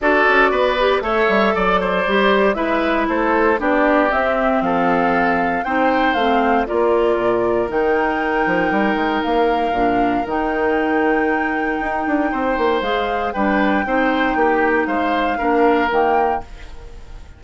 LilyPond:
<<
  \new Staff \with { instrumentName = "flute" } { \time 4/4 \tempo 4 = 117 d''2 e''4 d''4~ | d''4 e''4 c''4 d''4 | e''4 f''2 g''4 | f''4 d''2 g''4~ |
g''2 f''2 | g''1~ | g''4 f''4 g''2~ | g''4 f''2 g''4 | }
  \new Staff \with { instrumentName = "oboe" } { \time 4/4 a'4 b'4 cis''4 d''8 c''8~ | c''4 b'4 a'4 g'4~ | g'4 a'2 c''4~ | c''4 ais'2.~ |
ais'1~ | ais'1 | c''2 b'4 c''4 | g'4 c''4 ais'2 | }
  \new Staff \with { instrumentName = "clarinet" } { \time 4/4 fis'4. g'8 a'2 | g'4 e'2 d'4 | c'2. dis'4 | c'4 f'2 dis'4~ |
dis'2. d'4 | dis'1~ | dis'4 gis'4 d'4 dis'4~ | dis'2 d'4 ais4 | }
  \new Staff \with { instrumentName = "bassoon" } { \time 4/4 d'8 cis'8 b4 a8 g8 fis4 | g4 gis4 a4 b4 | c'4 f2 c'4 | a4 ais4 ais,4 dis4~ |
dis8 f8 g8 gis8 ais4 ais,4 | dis2. dis'8 d'8 | c'8 ais8 gis4 g4 c'4 | ais4 gis4 ais4 dis4 | }
>>